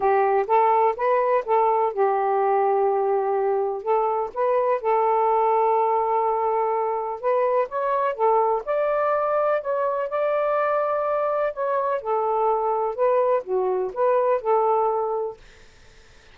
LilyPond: \new Staff \with { instrumentName = "saxophone" } { \time 4/4 \tempo 4 = 125 g'4 a'4 b'4 a'4 | g'1 | a'4 b'4 a'2~ | a'2. b'4 |
cis''4 a'4 d''2 | cis''4 d''2. | cis''4 a'2 b'4 | fis'4 b'4 a'2 | }